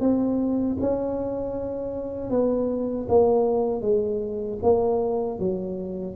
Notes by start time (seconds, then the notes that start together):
0.00 C4
0.80 C#4
2.30 B3
3.08 A#3
3.81 G#3
4.62 A#3
5.39 F#3